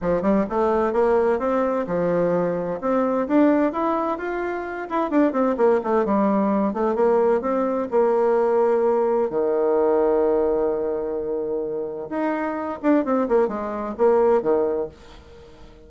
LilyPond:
\new Staff \with { instrumentName = "bassoon" } { \time 4/4 \tempo 4 = 129 f8 g8 a4 ais4 c'4 | f2 c'4 d'4 | e'4 f'4. e'8 d'8 c'8 | ais8 a8 g4. a8 ais4 |
c'4 ais2. | dis1~ | dis2 dis'4. d'8 | c'8 ais8 gis4 ais4 dis4 | }